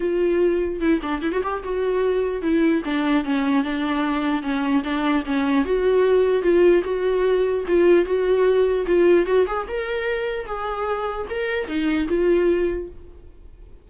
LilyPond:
\new Staff \with { instrumentName = "viola" } { \time 4/4 \tempo 4 = 149 f'2 e'8 d'8 e'16 fis'16 g'8 | fis'2 e'4 d'4 | cis'4 d'2 cis'4 | d'4 cis'4 fis'2 |
f'4 fis'2 f'4 | fis'2 f'4 fis'8 gis'8 | ais'2 gis'2 | ais'4 dis'4 f'2 | }